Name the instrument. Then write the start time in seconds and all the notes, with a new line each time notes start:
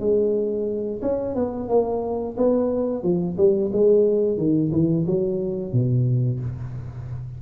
tuba
0.00 G#3
1.02 C#4
1.35 B3
1.69 A#3
2.37 B3
3.03 F3
3.38 G3
3.73 G#3
4.38 D#3
4.72 E3
5.07 F#3
5.73 B2